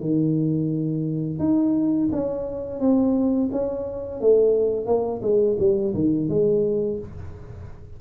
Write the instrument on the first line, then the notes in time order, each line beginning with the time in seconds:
tuba
0.00 D#3
1.39 D#4
2.12 C#4
2.79 C4
3.51 C#4
4.20 A3
4.86 A#3
5.22 G#3
5.58 G3
5.94 D#3
6.29 G#3